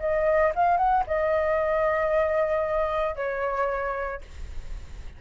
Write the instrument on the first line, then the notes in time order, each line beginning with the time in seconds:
flute
0.00 D#5
0.55 F5
0.78 F#5
1.07 D#5
3.16 C#5